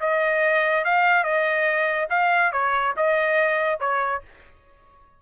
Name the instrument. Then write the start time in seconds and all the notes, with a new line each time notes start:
trumpet
0.00 D#5
0.84 F5
1.23 D#5
2.10 F5
2.52 C#5
2.97 D#5
3.80 C#5